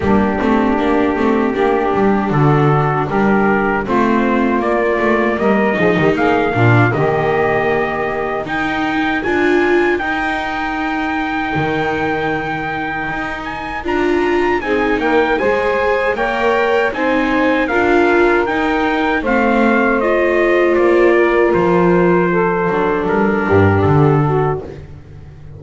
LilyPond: <<
  \new Staff \with { instrumentName = "trumpet" } { \time 4/4 \tempo 4 = 78 g'2. a'4 | ais'4 c''4 d''4 dis''4 | f''4 dis''2 g''4 | gis''4 g''2.~ |
g''4. gis''8 ais''4 gis''8 g''8 | gis''4 g''4 gis''4 f''4 | g''4 f''4 dis''4 d''4 | c''2 ais'4 a'4 | }
  \new Staff \with { instrumentName = "saxophone" } { \time 4/4 d'2 g'4 fis'4 | g'4 f'2 ais'8 gis'16 g'16 | gis'8 f'8 g'2 ais'4~ | ais'1~ |
ais'2. gis'8 ais'8 | c''4 cis''4 c''4 ais'4~ | ais'4 c''2~ c''8 ais'8~ | ais'4 a'4. g'4 fis'8 | }
  \new Staff \with { instrumentName = "viola" } { \time 4/4 ais8 c'8 d'8 c'8 d'2~ | d'4 c'4 ais4. dis'8~ | dis'8 d'8 ais2 dis'4 | f'4 dis'2.~ |
dis'2 f'4 dis'4 | gis'4 ais'4 dis'4 f'4 | dis'4 c'4 f'2~ | f'4. d'2~ d'8 | }
  \new Staff \with { instrumentName = "double bass" } { \time 4/4 g8 a8 ais8 a8 ais8 g8 d4 | g4 a4 ais8 a8 g8 f16 dis16 | ais8 ais,8 dis2 dis'4 | d'4 dis'2 dis4~ |
dis4 dis'4 d'4 c'8 ais8 | gis4 ais4 c'4 d'4 | dis'4 a2 ais4 | f4. fis8 g8 g,8 d4 | }
>>